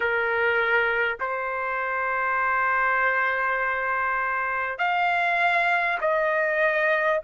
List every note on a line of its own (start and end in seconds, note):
0.00 1.18 A#4
1.20 4.78 C5
4.78 5.98 F5
6.00 7.20 D#5